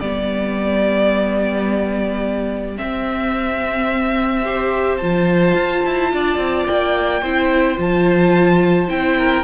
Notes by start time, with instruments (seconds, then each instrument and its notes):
0.00 cello G3, viola B3, violin G4 D5
2.77 viola C4, cello C4, violin E5
4.45 viola G4, violin C5
4.98 cello F3, viola F4, violin A5
5.55 cello F4
5.86 cello E4
6.13 cello D4, violin D5
6.37 cello C4
6.67 cello A#3, violin G5
7.22 cello C4, viola E4, violin C5
7.77 cello F3, viola F4, violin A5
8.88 cello C4, viola E4, violin G5
9.18 violin A#4